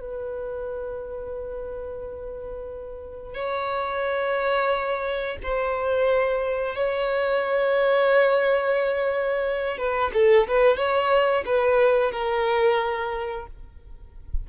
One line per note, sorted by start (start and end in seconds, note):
0.00 3.34 B4
3.34 5.37 C#5
5.43 6.75 C5
6.75 9.78 C#5
9.78 10.11 B4
10.13 10.47 A4
10.48 10.77 B4
10.77 11.44 C#5
11.45 12.12 B4
12.12 13.46 A#4